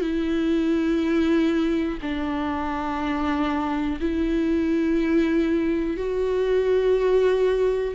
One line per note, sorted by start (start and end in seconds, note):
0.00 1.98 E4
2.01 3.99 D4
4.00 5.96 E4
5.96 7.94 F#4